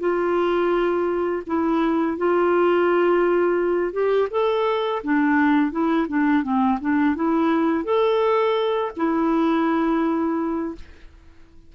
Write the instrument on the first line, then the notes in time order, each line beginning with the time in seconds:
clarinet
0.00 F4
1.47 E4
2.18 F4
3.93 G4
4.31 A4
5.04 D4
5.71 E4
6.08 D4
6.43 C4
6.81 D4
7.16 E4
7.84 A4
8.97 E4